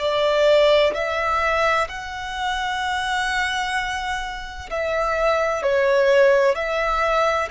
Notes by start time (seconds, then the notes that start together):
0.00 D5
0.94 E5
1.89 F#5
4.70 E5
5.63 C#5
6.55 E5